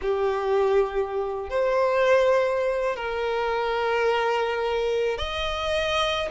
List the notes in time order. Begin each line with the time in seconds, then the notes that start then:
0.01 G4
1.49 C5
2.96 A#4
5.18 D#5